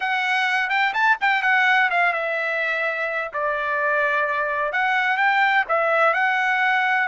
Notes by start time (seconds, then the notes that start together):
0.00 F#5
0.69 G5
0.93 A5
1.20 G5
1.42 F#5
1.90 F5
2.13 E5
3.33 D5
4.72 F#5
5.17 G5
5.68 E5
6.13 F#5